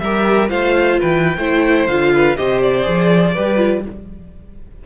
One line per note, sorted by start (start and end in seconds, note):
0.00 0.51 G3
0.00 0.49 G4
0.00 0.50 A#4
0.00 0.50 E5
0.49 1.01 A3
0.49 1.36 F4
0.49 1.00 C5
0.49 1.00 F5
1.00 1.37 E3
1.00 1.37 B4
1.00 1.87 G5
1.37 1.87 A3
1.37 1.89 E4
1.37 2.13 C5
1.87 2.37 D3
1.87 2.37 F4
1.87 2.37 F5
2.14 2.38 B4
2.37 2.87 C3
2.37 2.83 G4
2.37 3.35 C5
2.37 2.62 D#5
2.62 3.86 D5
2.83 3.37 F3
2.83 3.33 G#4
3.35 3.86 G3
3.35 3.57 G4
3.35 3.84 B4
3.57 3.82 F4